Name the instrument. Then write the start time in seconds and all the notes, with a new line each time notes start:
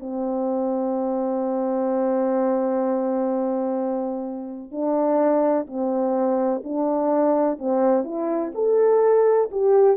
horn
0.00 C4
4.71 D4
5.67 C4
6.64 D4
7.59 C4
8.04 E4
8.55 A4
9.52 G4